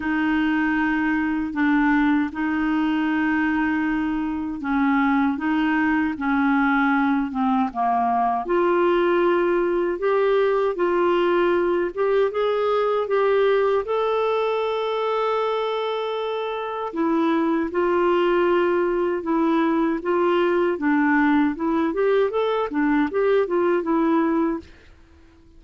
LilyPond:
\new Staff \with { instrumentName = "clarinet" } { \time 4/4 \tempo 4 = 78 dis'2 d'4 dis'4~ | dis'2 cis'4 dis'4 | cis'4. c'8 ais4 f'4~ | f'4 g'4 f'4. g'8 |
gis'4 g'4 a'2~ | a'2 e'4 f'4~ | f'4 e'4 f'4 d'4 | e'8 g'8 a'8 d'8 g'8 f'8 e'4 | }